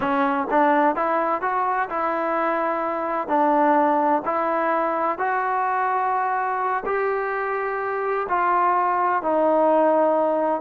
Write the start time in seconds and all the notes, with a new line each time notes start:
0.00 C#4
0.50 D4
0.95 E4
1.41 F#4
1.89 E4
3.27 D4
4.25 E4
5.18 F#4
6.85 G4
8.28 F4
9.22 D#4